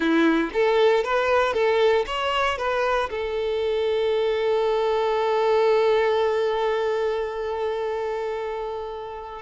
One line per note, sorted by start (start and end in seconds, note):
0.00 0.50 E4
0.53 1.03 A4
1.03 1.53 B4
1.53 2.05 A4
2.06 2.57 C#5
2.57 3.09 B4
3.10 9.41 A4